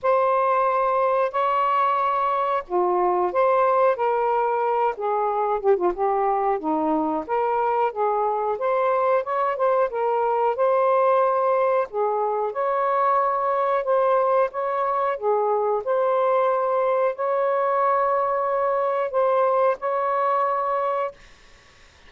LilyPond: \new Staff \with { instrumentName = "saxophone" } { \time 4/4 \tempo 4 = 91 c''2 cis''2 | f'4 c''4 ais'4. gis'8~ | gis'8 g'16 f'16 g'4 dis'4 ais'4 | gis'4 c''4 cis''8 c''8 ais'4 |
c''2 gis'4 cis''4~ | cis''4 c''4 cis''4 gis'4 | c''2 cis''2~ | cis''4 c''4 cis''2 | }